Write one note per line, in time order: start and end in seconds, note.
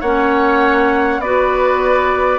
0.00 1.19 A#3
0.00 1.23 C#4
0.00 1.20 C#5
0.00 1.20 F#5
1.19 2.39 B3
1.19 2.39 F#4
1.19 2.39 B4
1.19 2.39 D5